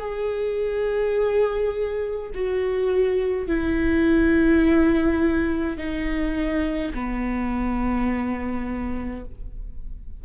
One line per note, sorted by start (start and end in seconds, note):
0.00 2.31 G#4
2.34 3.47 F#4
3.47 5.77 E4
5.77 6.93 D#4
6.93 9.24 B3